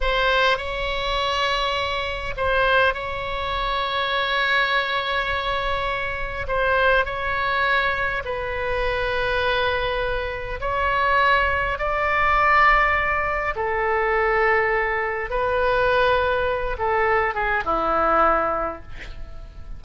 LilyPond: \new Staff \with { instrumentName = "oboe" } { \time 4/4 \tempo 4 = 102 c''4 cis''2. | c''4 cis''2.~ | cis''2. c''4 | cis''2 b'2~ |
b'2 cis''2 | d''2. a'4~ | a'2 b'2~ | b'8 a'4 gis'8 e'2 | }